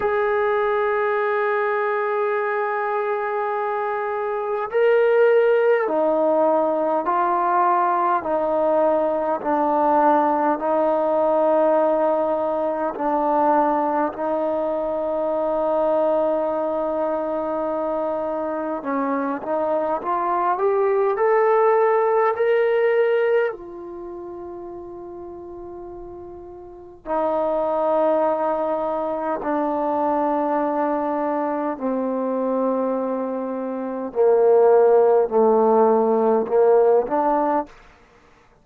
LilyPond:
\new Staff \with { instrumentName = "trombone" } { \time 4/4 \tempo 4 = 51 gis'1 | ais'4 dis'4 f'4 dis'4 | d'4 dis'2 d'4 | dis'1 |
cis'8 dis'8 f'8 g'8 a'4 ais'4 | f'2. dis'4~ | dis'4 d'2 c'4~ | c'4 ais4 a4 ais8 d'8 | }